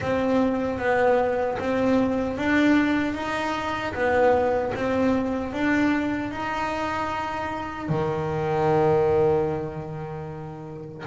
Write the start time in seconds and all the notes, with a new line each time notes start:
0.00 C4
0.79 B3
1.58 C4
2.37 D4
3.14 D#4
3.93 B3
4.74 C4
5.53 D4
6.31 D#4
7.88 D#3